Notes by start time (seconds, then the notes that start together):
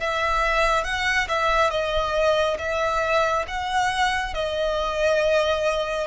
0.00 E5
0.84 F#5
1.28 E5
1.70 D#5
2.58 E5
3.47 F#5
4.34 D#5